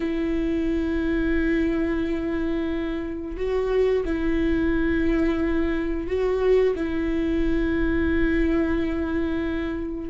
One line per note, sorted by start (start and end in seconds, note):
0.00 3.36 E4
3.36 4.04 F#4
4.04 6.07 E4
6.07 6.74 F#4
6.75 10.09 E4